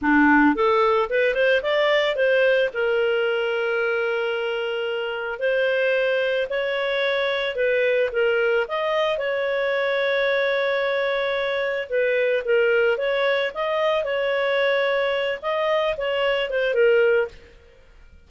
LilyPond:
\new Staff \with { instrumentName = "clarinet" } { \time 4/4 \tempo 4 = 111 d'4 a'4 b'8 c''8 d''4 | c''4 ais'2.~ | ais'2 c''2 | cis''2 b'4 ais'4 |
dis''4 cis''2.~ | cis''2 b'4 ais'4 | cis''4 dis''4 cis''2~ | cis''8 dis''4 cis''4 c''8 ais'4 | }